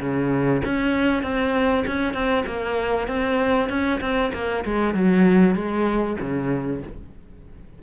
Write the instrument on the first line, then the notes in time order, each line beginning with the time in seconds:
cello
0.00 C#3
0.64 C#4
1.23 C4
1.87 C#4
2.13 C4
2.46 A#3
3.07 C4
3.69 C#4
4.00 C4
4.33 A#3
4.65 G#3
4.94 F#3
5.55 G#3
6.20 C#3